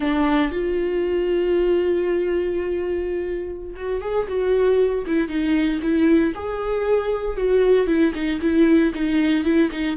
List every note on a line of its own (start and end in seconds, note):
0.00 0.51 D4
0.51 3.75 F4
3.76 4.01 F#4
4.01 4.27 G#4
4.28 5.05 F#4
5.06 5.28 E4
5.28 5.80 D#4
5.81 6.33 E4
6.35 7.36 G#4
7.36 7.86 F#4
7.86 8.12 E4
8.14 8.40 D#4
8.41 8.92 E4
8.94 9.44 D#4
9.44 9.70 E4
9.71 9.96 D#4